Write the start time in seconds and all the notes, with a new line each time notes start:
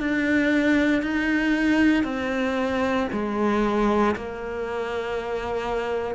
0.00 D4
1.03 D#4
2.04 C4
3.12 G#3
4.16 A#3